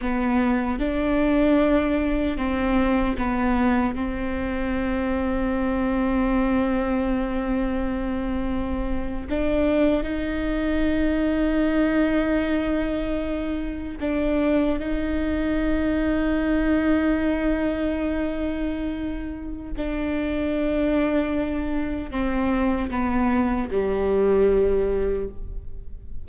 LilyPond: \new Staff \with { instrumentName = "viola" } { \time 4/4 \tempo 4 = 76 b4 d'2 c'4 | b4 c'2.~ | c'2.~ c'8. d'16~ | d'8. dis'2.~ dis'16~ |
dis'4.~ dis'16 d'4 dis'4~ dis'16~ | dis'1~ | dis'4 d'2. | c'4 b4 g2 | }